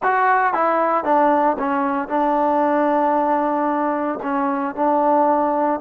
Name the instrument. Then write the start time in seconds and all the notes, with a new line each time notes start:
trombone
0.03 F#4
0.53 E4
1.04 D4
1.58 C#4
2.08 D4
4.22 C#4
4.75 D4